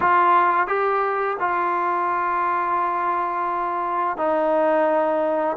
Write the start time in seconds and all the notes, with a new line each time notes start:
0.00 F4
0.67 G4
1.39 F4
4.17 D#4